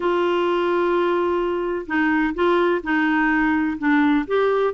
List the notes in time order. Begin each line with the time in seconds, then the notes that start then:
0.00 F4
1.86 D#4
2.34 F4
2.83 D#4
3.78 D4
4.27 G4